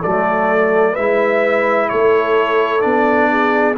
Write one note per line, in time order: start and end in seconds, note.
0.00 0.97 F#3
0.00 0.98 A3
0.00 0.92 A4
0.00 0.95 D5
0.92 1.91 G#3
0.92 2.81 E4
0.92 1.86 B4
0.92 1.89 E5
1.89 2.84 A3
1.89 3.30 A4
1.89 2.81 C#5
2.81 3.77 B3
2.81 3.75 D4
2.81 3.74 D5
3.30 3.77 G#4